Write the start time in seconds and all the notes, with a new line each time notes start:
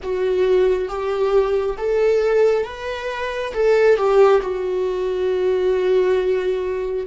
0.02 F#4
0.88 G4
1.77 A4
2.65 B4
3.53 A4
3.97 G4
4.41 F#4